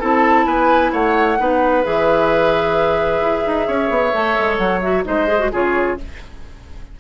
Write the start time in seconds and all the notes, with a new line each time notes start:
0.00 C4 E4 A4 A5
0.46 B3 B4 G#5
0.93 A3 C#5 F#5
1.38 B3 D#4 B4
1.84 E3 G#4 E5
3.21 E4
3.47 D#4
3.67 C#4 C#5
3.90 B3
4.13 A3 A4
4.39 G#3
4.58 F#3 F#5
4.81 F#4 E5
5.04 G#3 D#4 C5 D#5
5.28 G#4
5.39 F#4
5.52 C#3 F4 G#4 C#5